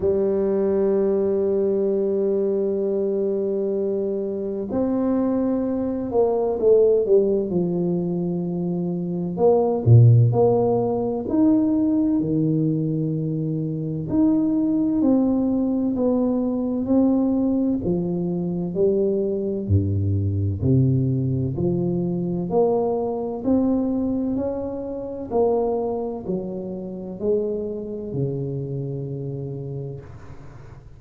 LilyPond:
\new Staff \with { instrumentName = "tuba" } { \time 4/4 \tempo 4 = 64 g1~ | g4 c'4. ais8 a8 g8 | f2 ais8 ais,8 ais4 | dis'4 dis2 dis'4 |
c'4 b4 c'4 f4 | g4 g,4 c4 f4 | ais4 c'4 cis'4 ais4 | fis4 gis4 cis2 | }